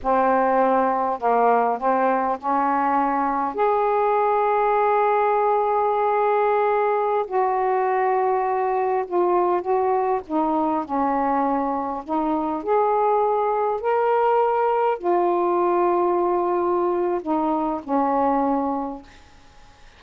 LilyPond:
\new Staff \with { instrumentName = "saxophone" } { \time 4/4 \tempo 4 = 101 c'2 ais4 c'4 | cis'2 gis'2~ | gis'1~ | gis'16 fis'2. f'8.~ |
f'16 fis'4 dis'4 cis'4.~ cis'16~ | cis'16 dis'4 gis'2 ais'8.~ | ais'4~ ais'16 f'2~ f'8.~ | f'4 dis'4 cis'2 | }